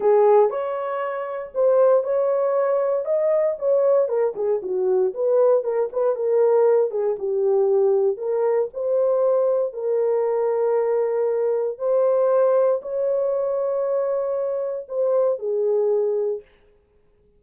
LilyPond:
\new Staff \with { instrumentName = "horn" } { \time 4/4 \tempo 4 = 117 gis'4 cis''2 c''4 | cis''2 dis''4 cis''4 | ais'8 gis'8 fis'4 b'4 ais'8 b'8 | ais'4. gis'8 g'2 |
ais'4 c''2 ais'4~ | ais'2. c''4~ | c''4 cis''2.~ | cis''4 c''4 gis'2 | }